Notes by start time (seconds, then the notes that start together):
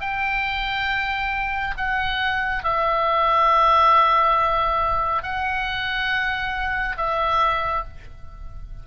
0.00 G5
1.77 F#5
2.63 E5
5.22 F#5
6.97 E5